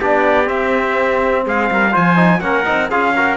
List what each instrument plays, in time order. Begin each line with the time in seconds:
0.00 cello B3, trombone D4, trumpet G4 D5
0.46 trombone C4, cello C4, trumpet E5
1.46 cello G#3, trumpet G#4 F5
1.71 cello G3, trumpet A#4
1.92 cello F3, trombone F4, trumpet C5 G#5
2.16 trombone D#4
2.41 cello A#3, trombone C#4, trumpet A#4 F#5
2.65 cello C4, trombone D#4
2.90 cello C#4, trombone F4, trumpet G#4 F5
3.15 trombone F#4, trumpet A#4